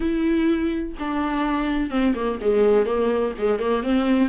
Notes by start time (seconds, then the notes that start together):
0.00 E4
0.99 D4
1.90 C4
2.14 A#3
2.41 G#3
2.86 A#3
3.38 G#3
3.59 A#3
3.83 C4